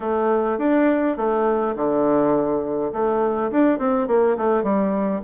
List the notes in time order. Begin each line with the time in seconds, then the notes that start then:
0.00 A3
0.58 D4
1.17 A3
1.76 D3
2.92 A3
3.51 D4
3.78 C4
4.07 A#3
4.37 A3
4.63 G3